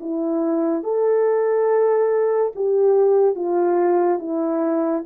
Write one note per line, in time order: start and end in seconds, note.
0.00 0.83 E4
0.83 2.52 A4
2.55 3.35 G4
3.35 4.19 F4
4.19 5.03 E4